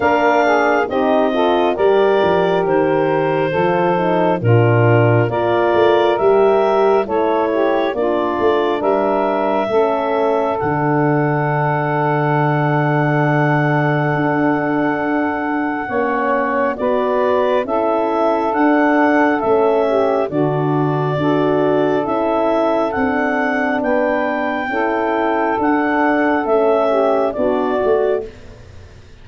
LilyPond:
<<
  \new Staff \with { instrumentName = "clarinet" } { \time 4/4 \tempo 4 = 68 f''4 dis''4 d''4 c''4~ | c''4 ais'4 d''4 e''4 | cis''4 d''4 e''2 | fis''1~ |
fis''2. d''4 | e''4 fis''4 e''4 d''4~ | d''4 e''4 fis''4 g''4~ | g''4 fis''4 e''4 d''4 | }
  \new Staff \with { instrumentName = "saxophone" } { \time 4/4 ais'8 gis'8 g'8 a'8 ais'2 | a'4 f'4 ais'2 | a'8 g'8 f'4 ais'4 a'4~ | a'1~ |
a'2 cis''4 b'4 | a'2~ a'8 g'8 fis'4 | a'2. b'4 | a'2~ a'8 g'8 fis'4 | }
  \new Staff \with { instrumentName = "horn" } { \time 4/4 d'4 dis'8 f'8 g'2 | f'8 dis'8 d'4 f'4 g'4 | e'4 d'2 cis'4 | d'1~ |
d'2 cis'4 fis'4 | e'4 d'4 cis'4 d'4 | fis'4 e'4 d'2 | e'4 d'4 cis'4 d'8 fis'8 | }
  \new Staff \with { instrumentName = "tuba" } { \time 4/4 ais4 c'4 g8 f8 dis4 | f4 ais,4 ais8 a8 g4 | a4 ais8 a8 g4 a4 | d1 |
d'2 ais4 b4 | cis'4 d'4 a4 d4 | d'4 cis'4 c'4 b4 | cis'4 d'4 a4 b8 a8 | }
>>